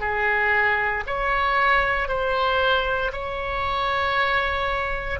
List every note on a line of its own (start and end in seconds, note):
0.00 1.03 G#4
1.07 2.08 C#5
2.08 3.11 C5
3.12 5.19 C#5